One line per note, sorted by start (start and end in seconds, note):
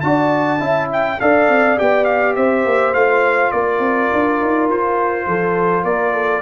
0.00 0.60 D4
0.00 0.59 F#4
0.00 0.61 D5
0.00 0.87 A5
0.59 1.19 C#4
0.59 1.17 E4
0.59 1.19 E5
0.92 1.20 G5
1.20 1.48 D4
1.20 1.77 A4
1.20 2.36 D5
1.20 1.78 F5
1.48 1.77 C4
1.77 2.36 B3
1.77 2.93 G4
1.77 2.04 G5
2.04 2.33 F5
2.35 2.64 C4
2.35 3.53 C5
2.35 2.93 E5
2.64 2.94 A#3
2.94 3.52 A3
2.94 6.42 F4
2.94 3.51 F5
3.51 3.79 A#3
3.51 5.26 A#4
3.51 4.67 D5
3.79 4.08 C4
4.12 4.40 D4
4.40 4.68 D#4
4.68 5.26 F4
4.68 5.84 C5
5.26 5.83 F3
5.26 5.84 A4
5.83 6.42 A#3
5.83 6.13 A#4
5.83 6.42 D5
6.13 6.42 A4